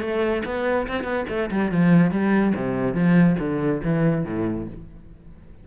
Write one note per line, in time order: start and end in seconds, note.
0.00 0.42 A3
0.45 0.87 B3
0.87 1.03 C4
1.03 1.24 B3
1.28 1.50 A3
1.50 1.71 G3
1.71 2.11 F3
2.11 2.53 G3
2.55 2.94 C3
2.94 3.36 F3
3.39 3.81 D3
3.83 4.24 E3
4.24 4.67 A2